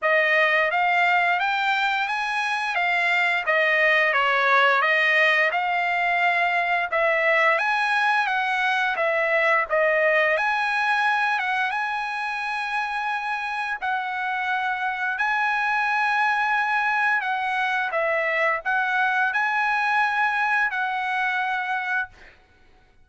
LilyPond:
\new Staff \with { instrumentName = "trumpet" } { \time 4/4 \tempo 4 = 87 dis''4 f''4 g''4 gis''4 | f''4 dis''4 cis''4 dis''4 | f''2 e''4 gis''4 | fis''4 e''4 dis''4 gis''4~ |
gis''8 fis''8 gis''2. | fis''2 gis''2~ | gis''4 fis''4 e''4 fis''4 | gis''2 fis''2 | }